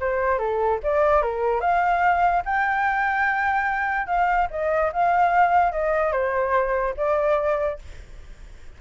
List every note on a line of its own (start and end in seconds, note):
0.00 0.38 C5
0.38 0.79 A4
0.83 1.22 D5
1.22 1.60 A#4
1.60 2.43 F5
2.45 4.06 G5
4.06 4.48 F5
4.50 4.91 D#5
4.93 5.72 F5
5.72 6.12 D#5
6.12 6.94 C5
6.97 7.79 D5